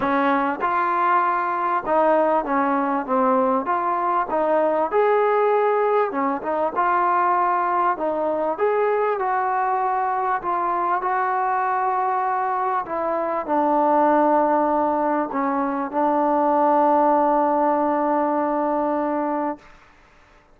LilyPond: \new Staff \with { instrumentName = "trombone" } { \time 4/4 \tempo 4 = 98 cis'4 f'2 dis'4 | cis'4 c'4 f'4 dis'4 | gis'2 cis'8 dis'8 f'4~ | f'4 dis'4 gis'4 fis'4~ |
fis'4 f'4 fis'2~ | fis'4 e'4 d'2~ | d'4 cis'4 d'2~ | d'1 | }